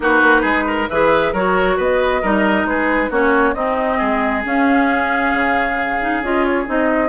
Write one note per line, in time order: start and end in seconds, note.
0.00 0.22 B3
0.00 0.89 D#4
0.00 0.41 F#4
0.00 0.89 B4
0.22 0.43 A#3
0.41 0.88 G#3
0.41 0.63 G#4
0.67 0.89 A#4
0.89 1.32 E3
0.89 1.35 G#4
0.89 1.32 B4
0.89 1.33 E5
1.32 1.77 F#3
1.32 2.22 F#4
1.32 1.76 A#4
1.32 1.78 C#5
1.76 2.22 B3
1.76 2.21 B4
1.76 2.66 D#5
2.22 2.64 G3
2.22 3.10 D#4
2.22 2.66 A#4
2.64 3.09 G#3
2.64 3.10 G#4
2.64 3.11 B4
3.10 3.54 A#3
3.10 3.55 C#4
3.10 3.54 F#4
3.10 3.54 C#5
3.54 3.99 C4
3.54 4.43 C4
3.54 3.97 D#4
3.54 4.43 D#5
3.97 4.44 G#3
3.97 7.08 G#4
4.43 5.99 C#4
4.43 5.33 C#4
4.43 6.24 F5
5.33 6.21 C#3
6.00 6.23 D#4
6.21 6.65 C#4
6.21 6.66 F4
6.21 6.44 D#5
6.44 6.66 C#5
6.66 7.08 C4
6.66 7.08 D#4
6.66 7.08 D#5